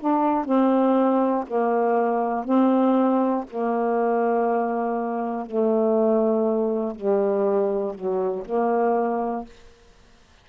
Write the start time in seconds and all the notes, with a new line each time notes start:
0.00 D4
0.45 C4
1.48 A#3
2.45 C4
3.50 A#3
5.47 A3
6.96 G3
7.95 F#3
8.45 A#3